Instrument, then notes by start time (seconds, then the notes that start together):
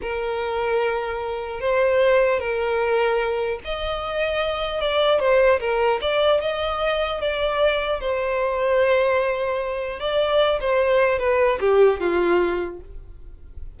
violin
0.01 A#4
1.60 C5
2.39 A#4
3.64 D#5
4.81 D5
5.19 C5
5.59 A#4
6.01 D5
6.41 D#5
7.21 D5
8.00 C5
9.99 D5
10.60 C5
11.19 B4
11.59 G4
11.99 F4